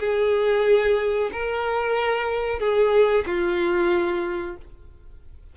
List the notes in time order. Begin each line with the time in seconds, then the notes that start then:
0.00 G#4
1.32 A#4
2.60 G#4
3.26 F4